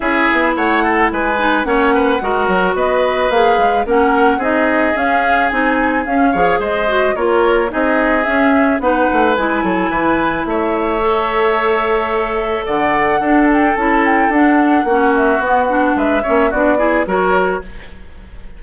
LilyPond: <<
  \new Staff \with { instrumentName = "flute" } { \time 4/4 \tempo 4 = 109 e''4 fis''4 gis''4 fis''4~ | fis''4 dis''4 f''4 fis''4 | dis''4 f''4 gis''4 f''4 | dis''4 cis''4 dis''4 e''4 |
fis''4 gis''2 e''4~ | e''2. fis''4~ | fis''8 g''8 a''8 g''8 fis''4. e''8 | fis''4 e''4 d''4 cis''4 | }
  \new Staff \with { instrumentName = "oboe" } { \time 4/4 gis'4 cis''8 a'8 b'4 cis''8 b'8 | ais'4 b'2 ais'4 | gis'2.~ gis'8 cis''8 | c''4 ais'4 gis'2 |
b'4. a'8 b'4 cis''4~ | cis''2. d''4 | a'2. fis'4~ | fis'4 b'8 cis''8 fis'8 gis'8 ais'4 | }
  \new Staff \with { instrumentName = "clarinet" } { \time 4/4 e'2~ e'8 dis'8 cis'4 | fis'2 gis'4 cis'4 | dis'4 cis'4 dis'4 cis'8 gis'8~ | gis'8 fis'8 f'4 dis'4 cis'4 |
dis'4 e'2. | a'1 | d'4 e'4 d'4 cis'4 | b8 d'4 cis'8 d'8 e'8 fis'4 | }
  \new Staff \with { instrumentName = "bassoon" } { \time 4/4 cis'8 b8 a4 gis4 ais4 | gis8 fis8 b4 ais8 gis8 ais4 | c'4 cis'4 c'4 cis'8 f8 | gis4 ais4 c'4 cis'4 |
b8 a8 gis8 fis8 e4 a4~ | a2. d4 | d'4 cis'4 d'4 ais4 | b4 gis8 ais8 b4 fis4 | }
>>